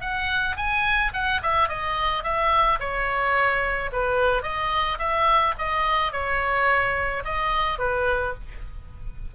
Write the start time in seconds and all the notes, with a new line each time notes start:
0.00 F#5
0.56 G#5
1.13 F#5
1.42 E5
1.68 D#5
2.23 E5
2.79 C#5
3.92 B4
4.42 D#5
4.98 E5
5.58 D#5
6.12 C#5
7.24 D#5
7.78 B4